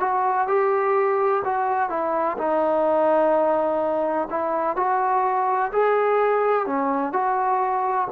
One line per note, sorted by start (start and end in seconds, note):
0.00 0.48 F#4
0.48 1.43 G4
1.45 1.90 F#4
1.90 2.37 E4
2.38 4.29 D#4
4.30 4.76 E4
4.76 5.71 F#4
5.72 6.66 G#4
6.66 7.13 C#4
7.13 8.08 F#4